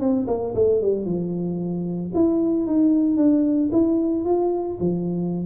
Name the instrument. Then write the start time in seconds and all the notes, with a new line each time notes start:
tuba
0.00 C4
0.27 A#3
0.55 A3
0.81 G3
1.05 F3
2.14 E4
2.66 D#4
3.17 D4
3.72 E4
4.25 F4
4.80 F3